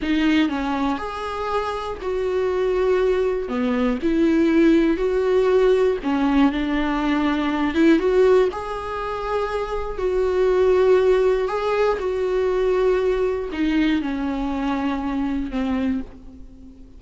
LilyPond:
\new Staff \with { instrumentName = "viola" } { \time 4/4 \tempo 4 = 120 dis'4 cis'4 gis'2 | fis'2. b4 | e'2 fis'2 | cis'4 d'2~ d'8 e'8 |
fis'4 gis'2. | fis'2. gis'4 | fis'2. dis'4 | cis'2. c'4 | }